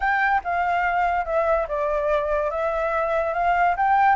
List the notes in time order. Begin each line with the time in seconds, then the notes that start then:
0.00 G5
0.44 F5
1.25 E5
1.68 D5
2.50 E5
3.33 F5
3.77 G5